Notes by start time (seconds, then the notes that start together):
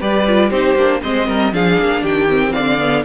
0.00 G3 G4 B4 D5
0.27 F4
0.50 C4 D#4 G4 C5
0.75 A#3 D4
1.02 G#3 C4 C5 D#5
1.28 G3 A#4
1.52 F3 D4 G#4 F5
1.79 A#3
2.02 D#3 G4 G5
2.28 C4
2.52 D3 D5 F5
2.78 B3